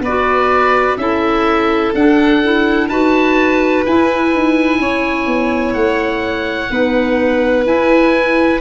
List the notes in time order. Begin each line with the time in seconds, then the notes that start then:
0.00 B3 B4 D5
0.08 F#4
0.97 C#4 E4 A4 E5
1.94 D4 F#5
2.43 E4
2.87 D#4 F#4 B4 A5
3.86 E4 G#5
4.34 D#4
4.79 C#4 C#5
5.26 B3
5.73 A3 F#5
6.70 B3 D#4 B4
7.65 E4 G#5